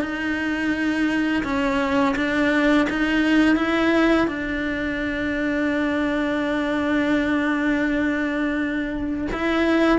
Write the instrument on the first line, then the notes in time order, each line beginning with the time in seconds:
cello
0.00 D#4
1.44 C#4
2.16 D4
2.89 D#4
3.56 E4
4.27 D4
9.32 E4